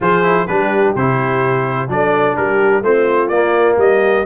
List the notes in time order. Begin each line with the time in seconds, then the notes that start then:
0.01 F3 F4 G#4 C5
0.23 E4
0.47 G3 D4 G4 B4
0.95 C3 E4 C5
1.88 F#3 D4 A4 D5
2.36 G3 G4 A#4
2.82 A3 C4 F4 C5
3.28 A#3 D5
3.77 G3 G4 D#5